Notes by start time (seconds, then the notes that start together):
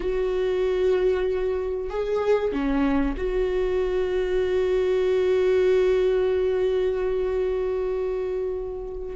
0.00 F#4
1.90 G#4
2.52 C#4
3.17 F#4